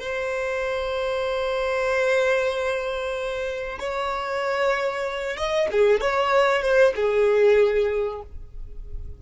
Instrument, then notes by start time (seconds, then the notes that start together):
violin
0.00 C5
3.79 C#5
5.37 D#5
5.72 G#4
6.01 C#5
6.62 C5
6.96 G#4